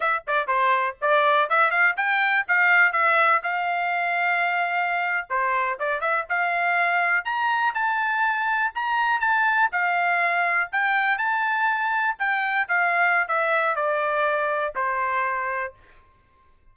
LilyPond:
\new Staff \with { instrumentName = "trumpet" } { \time 4/4 \tempo 4 = 122 e''8 d''8 c''4 d''4 e''8 f''8 | g''4 f''4 e''4 f''4~ | f''2~ f''8. c''4 d''16~ | d''16 e''8 f''2 ais''4 a''16~ |
a''4.~ a''16 ais''4 a''4 f''16~ | f''4.~ f''16 g''4 a''4~ a''16~ | a''8. g''4 f''4~ f''16 e''4 | d''2 c''2 | }